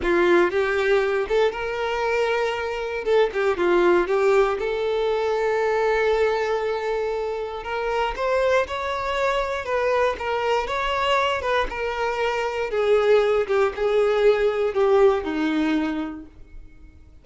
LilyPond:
\new Staff \with { instrumentName = "violin" } { \time 4/4 \tempo 4 = 118 f'4 g'4. a'8 ais'4~ | ais'2 a'8 g'8 f'4 | g'4 a'2.~ | a'2. ais'4 |
c''4 cis''2 b'4 | ais'4 cis''4. b'8 ais'4~ | ais'4 gis'4. g'8 gis'4~ | gis'4 g'4 dis'2 | }